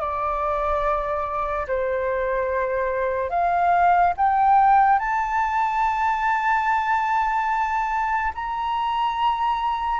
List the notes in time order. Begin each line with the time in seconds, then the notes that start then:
0.00 D5
1.67 C5
3.30 F5
4.17 G5
4.99 A5
8.34 A#5